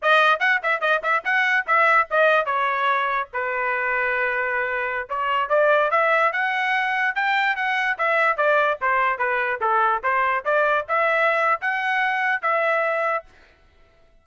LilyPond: \new Staff \with { instrumentName = "trumpet" } { \time 4/4 \tempo 4 = 145 dis''4 fis''8 e''8 dis''8 e''8 fis''4 | e''4 dis''4 cis''2 | b'1~ | b'16 cis''4 d''4 e''4 fis''8.~ |
fis''4~ fis''16 g''4 fis''4 e''8.~ | e''16 d''4 c''4 b'4 a'8.~ | a'16 c''4 d''4 e''4.~ e''16 | fis''2 e''2 | }